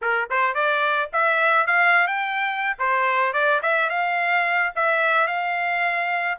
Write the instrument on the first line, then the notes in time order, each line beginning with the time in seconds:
trumpet
0.01 A#4
0.30 C5
0.54 D5
1.12 E5
1.66 F5
2.07 G5
2.79 C5
3.33 D5
3.62 E5
3.89 F5
4.75 E5
5.27 F5